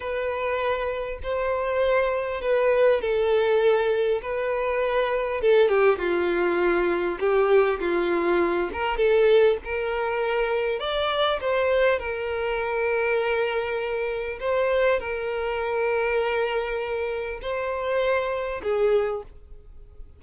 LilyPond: \new Staff \with { instrumentName = "violin" } { \time 4/4 \tempo 4 = 100 b'2 c''2 | b'4 a'2 b'4~ | b'4 a'8 g'8 f'2 | g'4 f'4. ais'8 a'4 |
ais'2 d''4 c''4 | ais'1 | c''4 ais'2.~ | ais'4 c''2 gis'4 | }